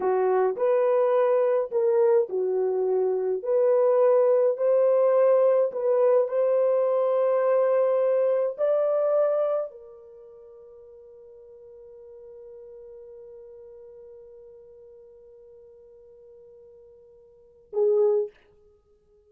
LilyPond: \new Staff \with { instrumentName = "horn" } { \time 4/4 \tempo 4 = 105 fis'4 b'2 ais'4 | fis'2 b'2 | c''2 b'4 c''4~ | c''2. d''4~ |
d''4 ais'2.~ | ais'1~ | ais'1~ | ais'2. gis'4 | }